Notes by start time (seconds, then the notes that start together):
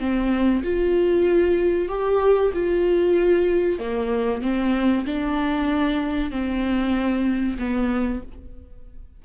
0.00 C4
0.64 F4
1.89 G4
2.54 F4
3.80 A#3
4.43 C4
5.06 D4
6.31 C4
7.59 B3